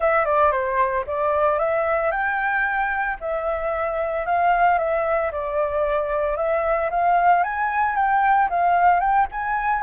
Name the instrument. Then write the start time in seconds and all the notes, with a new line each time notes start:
flute
0.00 E5
0.25 D5
0.51 C5
1.06 D5
1.58 E5
2.11 G5
3.20 E5
4.26 F5
4.78 E5
5.31 D5
6.36 E5
6.90 F5
7.43 G#5
7.95 G5
8.49 F5
9.00 G5
9.31 G#5